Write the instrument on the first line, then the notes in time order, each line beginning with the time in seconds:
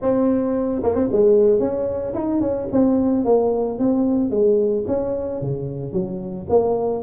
tuba
0.01 C4
0.83 A#3
0.95 C4
1.12 G#3
1.59 C#4
2.14 D#4
2.40 C#4
2.72 C4
3.24 A#3
3.78 C4
4.30 G#3
4.87 C#4
5.41 C#3
5.92 F#3
6.49 A#3